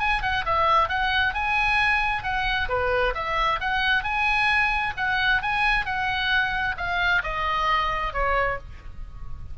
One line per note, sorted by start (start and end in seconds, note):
0.00 0.23 G#5
0.23 0.45 F#5
0.46 0.89 E5
0.89 1.35 F#5
1.35 2.24 G#5
2.24 2.69 F#5
2.69 3.14 B4
3.15 3.60 E5
3.61 4.04 F#5
4.04 4.94 G#5
4.97 5.43 F#5
5.43 5.86 G#5
5.86 6.76 F#5
6.78 7.23 F5
7.24 8.14 D#5
8.14 8.59 C#5